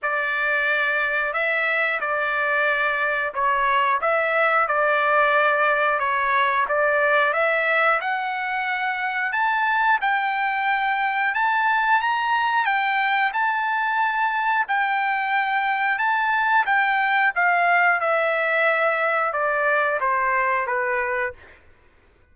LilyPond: \new Staff \with { instrumentName = "trumpet" } { \time 4/4 \tempo 4 = 90 d''2 e''4 d''4~ | d''4 cis''4 e''4 d''4~ | d''4 cis''4 d''4 e''4 | fis''2 a''4 g''4~ |
g''4 a''4 ais''4 g''4 | a''2 g''2 | a''4 g''4 f''4 e''4~ | e''4 d''4 c''4 b'4 | }